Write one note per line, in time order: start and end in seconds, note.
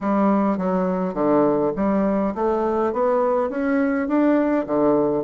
0.00 0.57 G3
0.57 1.14 F#3
1.14 1.72 D3
1.76 2.34 G3
2.35 2.93 A3
2.93 3.50 B3
3.50 4.08 C#4
4.08 4.66 D4
4.66 5.23 D3